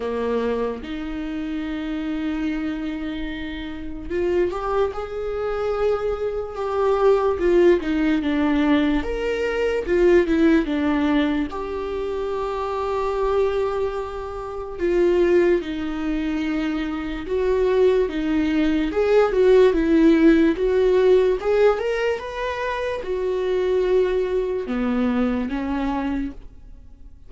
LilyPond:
\new Staff \with { instrumentName = "viola" } { \time 4/4 \tempo 4 = 73 ais4 dis'2.~ | dis'4 f'8 g'8 gis'2 | g'4 f'8 dis'8 d'4 ais'4 | f'8 e'8 d'4 g'2~ |
g'2 f'4 dis'4~ | dis'4 fis'4 dis'4 gis'8 fis'8 | e'4 fis'4 gis'8 ais'8 b'4 | fis'2 b4 cis'4 | }